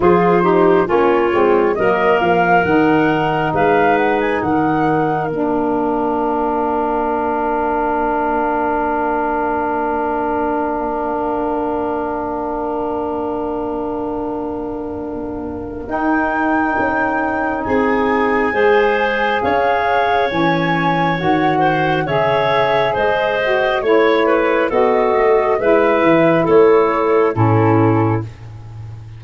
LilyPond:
<<
  \new Staff \with { instrumentName = "flute" } { \time 4/4 \tempo 4 = 68 c''4 cis''4 dis''8 f''8 fis''4 | f''8 fis''16 gis''16 fis''4 f''2~ | f''1~ | f''1~ |
f''2 g''2 | gis''2 f''4 gis''4 | fis''4 e''4 dis''4 cis''4 | dis''4 e''4 cis''4 a'4 | }
  \new Staff \with { instrumentName = "clarinet" } { \time 4/4 gis'8 g'8 f'4 ais'2 | b'4 ais'2.~ | ais'1~ | ais'1~ |
ais'1 | gis'4 c''4 cis''2~ | cis''8 c''8 cis''4 c''4 cis''8 b'8 | a'4 b'4 a'4 e'4 | }
  \new Staff \with { instrumentName = "saxophone" } { \time 4/4 f'8 dis'8 cis'8 c'8 ais4 dis'4~ | dis'2 d'2~ | d'1~ | d'1~ |
d'2 dis'2~ | dis'4 gis'2 cis'4 | fis'4 gis'4. fis'8 e'4 | fis'4 e'2 cis'4 | }
  \new Staff \with { instrumentName = "tuba" } { \time 4/4 f4 ais8 gis8 fis8 f8 dis4 | gis4 dis4 ais2~ | ais1~ | ais1~ |
ais2 dis'4 cis'4 | c'4 gis4 cis'4 e4 | dis4 cis4 gis4 a4 | b8 a8 gis8 e8 a4 a,4 | }
>>